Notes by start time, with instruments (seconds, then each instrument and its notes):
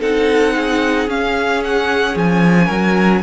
0.00 cello C4, viola D#4, violin A4 F#5
0.56 violin G#4
1.07 cello C#4, viola C#4, violin F5
1.64 violin F#5
2.15 cello F3, violin G#5
2.66 cello F#3, violin A#4